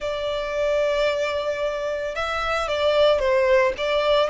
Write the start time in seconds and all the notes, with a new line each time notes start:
0.00 D5
2.15 E5
2.68 D5
3.19 C5
3.77 D5